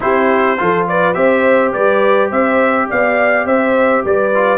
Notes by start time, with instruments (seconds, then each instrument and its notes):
0.00 tuba C4, trombone E4, horn G4, trumpet C5
0.57 tuba F3, trombone F4, horn A4
0.87 horn B4, trumpet D5
1.14 tuba C4, trombone G4, horn C5, trumpet E5
1.73 tuba G3, horn B4, trumpet D5
2.29 tuba C4, horn C5, trumpet E5
2.89 tuba B3, horn D5, trumpet F5
3.45 tuba C4, horn C5, trumpet E5
4.04 tuba G3, horn B4, trumpet D5
4.34 trombone F4